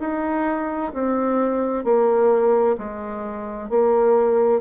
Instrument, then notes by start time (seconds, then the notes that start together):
bassoon
0.00 D#4
0.94 C4
1.84 A#3
2.78 G#3
3.70 A#3